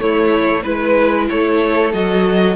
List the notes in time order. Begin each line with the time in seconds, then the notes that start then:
0.00 A3 E4 C#5
0.63 G#3 E4 B4
1.29 A3 A4 C#5
1.93 F#3 F#4 D#5